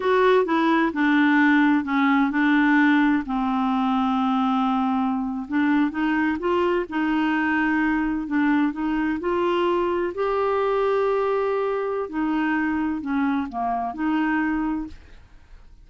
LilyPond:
\new Staff \with { instrumentName = "clarinet" } { \time 4/4 \tempo 4 = 129 fis'4 e'4 d'2 | cis'4 d'2 c'4~ | c'2.~ c'8. d'16~ | d'8. dis'4 f'4 dis'4~ dis'16~ |
dis'4.~ dis'16 d'4 dis'4 f'16~ | f'4.~ f'16 g'2~ g'16~ | g'2 dis'2 | cis'4 ais4 dis'2 | }